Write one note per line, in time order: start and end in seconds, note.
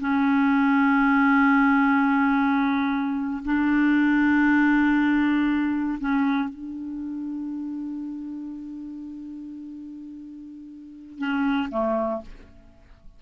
0.00 3.43 C#4
3.45 5.99 D4
6.00 6.49 C#4
6.49 11.19 D4
11.19 11.69 C#4
11.71 12.22 A3